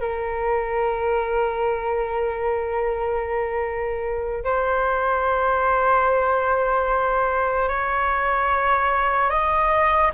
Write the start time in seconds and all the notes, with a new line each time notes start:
0.00 A#4
4.44 C5
7.68 C#5
9.30 D#5